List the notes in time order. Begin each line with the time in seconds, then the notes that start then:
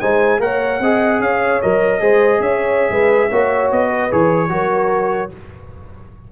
0.00 G#3 D#4 C5 G#5
0.39 A#3 A#4 C#5 F#5
0.80 C4 G#4 D#5
1.19 C#4 C#5 F5
1.61 F#3 A#4 D#5
2.00 G#3 G#4 C5
2.39 C#4 C#5 E5
2.90 G#3 B4
3.29 A#3 F#4 C#5
3.71 B3 D#5
3.90 B4
4.11 E3 G#4 C#5
4.49 F#3 F#4 A#4